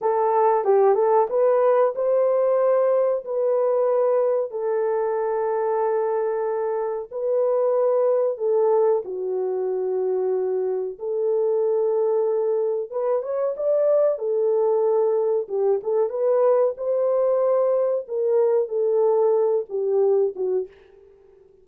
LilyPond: \new Staff \with { instrumentName = "horn" } { \time 4/4 \tempo 4 = 93 a'4 g'8 a'8 b'4 c''4~ | c''4 b'2 a'4~ | a'2. b'4~ | b'4 a'4 fis'2~ |
fis'4 a'2. | b'8 cis''8 d''4 a'2 | g'8 a'8 b'4 c''2 | ais'4 a'4. g'4 fis'8 | }